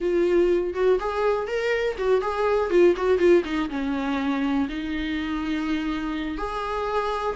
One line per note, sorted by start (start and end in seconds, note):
0.00 0.74 F4
0.74 0.98 F#4
0.99 1.47 G#4
1.47 1.96 A#4
1.98 2.21 F#4
2.21 2.70 G#4
2.70 2.94 F4
2.96 3.18 F#4
3.18 3.42 F4
3.44 3.69 D#4
3.69 4.67 C#4
4.68 6.37 D#4
6.37 7.36 G#4